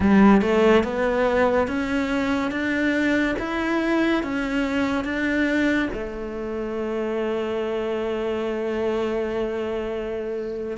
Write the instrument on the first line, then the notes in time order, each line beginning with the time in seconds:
cello
0.00 G3
0.41 A3
0.83 B3
1.67 C#4
2.51 D4
3.38 E4
4.23 C#4
5.04 D4
5.93 A3